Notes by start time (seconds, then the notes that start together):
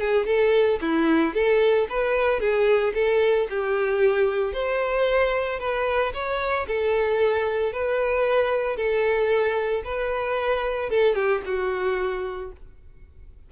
0.00 G#4
0.26 A4
0.81 E4
1.34 A4
1.89 B4
2.40 G#4
2.94 A4
3.49 G4
4.53 C5
5.59 B4
6.13 C#5
6.67 A4
7.72 B4
8.76 A4
9.84 B4
10.89 A4
11.15 G4
11.45 F#4